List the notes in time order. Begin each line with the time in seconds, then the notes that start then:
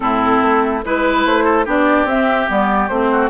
0.00 A2 C4 E4 A4
0.41 A3
0.83 G#3 E4 B4
1.25 A3 C5
1.44 A4
1.65 B3 D4 G4 D5
2.05 C4 E5
2.47 G3 B3 D5
2.88 A3 C4 C5
3.11 F#4